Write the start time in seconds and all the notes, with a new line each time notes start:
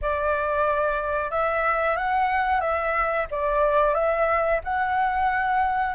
0.01 D5
1.30 E5
1.97 F#5
2.60 E5
3.31 D5
3.94 E5
4.63 F#5